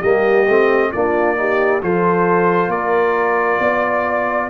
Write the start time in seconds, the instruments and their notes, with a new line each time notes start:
0.00 tuba G3, trombone A#3, horn G4, trumpet D#5
0.48 tuba A3, trombone C4
0.92 tuba A#3, trombone D4, horn F4, trumpet D5
1.36 trombone D#4, horn G4
1.82 tuba F3, trombone F4, horn A4, trumpet C5
2.68 tuba A#3, horn A#4, trumpet D5
3.60 tuba B3, horn D5